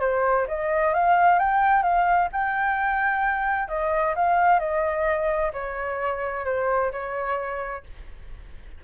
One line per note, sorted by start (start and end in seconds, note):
0.00 0.46 C5
0.48 0.93 D#5
0.93 1.38 F5
1.38 1.82 G5
1.82 2.28 F5
2.32 3.68 G5
3.68 4.14 D#5
4.15 4.59 F5
4.59 5.52 D#5
5.53 6.45 C#5
6.45 6.91 C5
6.91 7.84 C#5